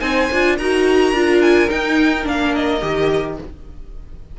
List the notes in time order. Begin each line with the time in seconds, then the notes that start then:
0.00 C4 D#4 C5 G#5
0.32 D4 F4
0.57 D#4 F#4 A#4 A#5
1.12 D4 F4
1.42 G#5
1.69 D#4 G5
2.24 A#3 D4 F5
2.55 D#5
2.81 D#3 G4